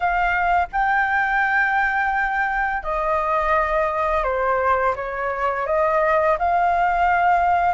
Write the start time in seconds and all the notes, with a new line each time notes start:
0.00 F5
0.72 G5
2.83 D#5
4.23 C5
4.95 C#5
5.66 D#5
6.38 F5